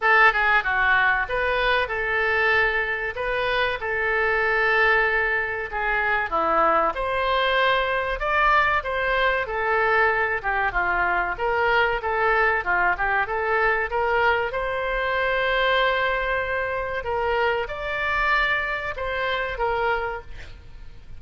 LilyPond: \new Staff \with { instrumentName = "oboe" } { \time 4/4 \tempo 4 = 95 a'8 gis'8 fis'4 b'4 a'4~ | a'4 b'4 a'2~ | a'4 gis'4 e'4 c''4~ | c''4 d''4 c''4 a'4~ |
a'8 g'8 f'4 ais'4 a'4 | f'8 g'8 a'4 ais'4 c''4~ | c''2. ais'4 | d''2 c''4 ais'4 | }